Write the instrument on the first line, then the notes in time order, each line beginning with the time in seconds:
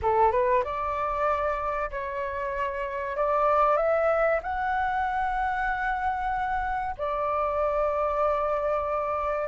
flute
0.02 A4
0.31 B4
0.64 D5
1.90 C#5
3.16 D5
3.77 E5
4.42 F#5
6.97 D5